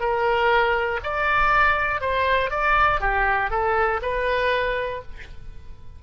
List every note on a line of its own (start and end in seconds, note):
0.00 1.00 A#4
1.03 2.00 D5
2.00 2.50 C5
2.50 3.00 D5
3.00 3.50 G4
3.50 4.00 A4
4.02 5.02 B4